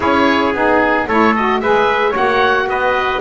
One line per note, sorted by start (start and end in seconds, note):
0.00 0.53 C#4
0.00 0.54 E4
0.00 1.06 G#4
0.00 0.54 C#5
0.53 1.06 B3
0.53 1.08 D#4
0.53 1.08 G#4
1.07 1.60 A3
1.07 1.36 E4
1.07 1.61 A4
1.07 1.35 C#5
1.35 1.62 F#4
1.35 1.60 D#5
1.60 2.14 G#3
1.60 2.12 G#4
1.60 2.10 B4
1.60 2.13 E5
2.10 2.67 A#3
2.10 3.20 F#4
2.10 2.64 C#5
2.16 2.69 F#5
2.67 3.20 B3
2.67 3.20 B4
2.67 3.20 D#5